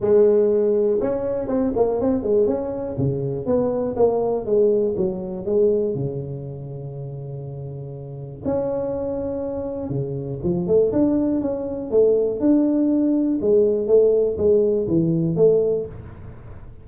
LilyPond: \new Staff \with { instrumentName = "tuba" } { \time 4/4 \tempo 4 = 121 gis2 cis'4 c'8 ais8 | c'8 gis8 cis'4 cis4 b4 | ais4 gis4 fis4 gis4 | cis1~ |
cis4 cis'2. | cis4 f8 a8 d'4 cis'4 | a4 d'2 gis4 | a4 gis4 e4 a4 | }